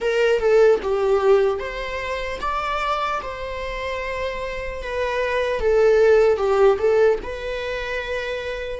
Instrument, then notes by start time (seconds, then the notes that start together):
viola
0.00 A#4
0.39 A4
0.82 G4
1.59 C5
2.40 D5
3.22 C5
4.82 B4
5.60 A4
6.37 G4
6.79 A4
7.22 B4